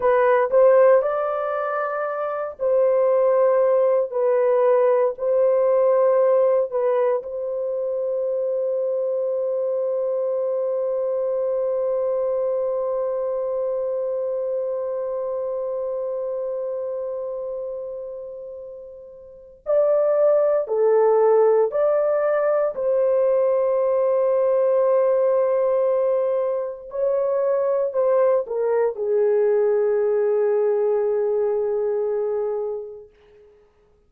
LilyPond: \new Staff \with { instrumentName = "horn" } { \time 4/4 \tempo 4 = 58 b'8 c''8 d''4. c''4. | b'4 c''4. b'8 c''4~ | c''1~ | c''1~ |
c''2. d''4 | a'4 d''4 c''2~ | c''2 cis''4 c''8 ais'8 | gis'1 | }